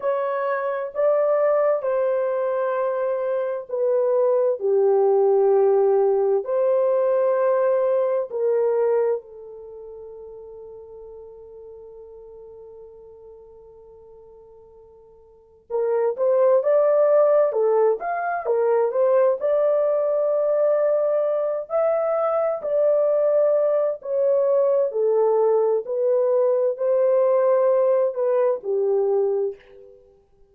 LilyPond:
\new Staff \with { instrumentName = "horn" } { \time 4/4 \tempo 4 = 65 cis''4 d''4 c''2 | b'4 g'2 c''4~ | c''4 ais'4 a'2~ | a'1~ |
a'4 ais'8 c''8 d''4 a'8 f''8 | ais'8 c''8 d''2~ d''8 e''8~ | e''8 d''4. cis''4 a'4 | b'4 c''4. b'8 g'4 | }